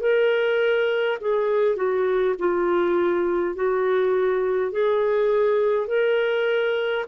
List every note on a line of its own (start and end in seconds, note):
0.00 1.18 A#4
1.20 1.76 G#4
1.76 2.35 F#4
2.39 3.55 F4
3.55 4.71 F#4
4.71 5.87 G#4
5.87 7.05 A#4